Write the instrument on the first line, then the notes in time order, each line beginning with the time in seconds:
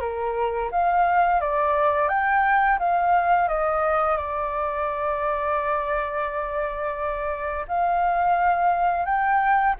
flute
0.00 A#4
0.71 F5
1.40 D5
2.08 G5
2.78 F5
3.48 D#5
4.16 D5
7.67 F5
9.05 G5